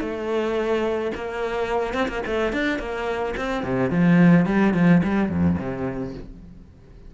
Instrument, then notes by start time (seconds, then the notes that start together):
cello
0.00 A3
1.15 A#3
1.94 C4
2.08 A#3
2.26 A3
2.52 D4
2.79 A#3
3.36 C4
3.63 C3
3.90 F3
4.46 G3
4.73 F3
5.03 G3
5.29 F2
5.58 C3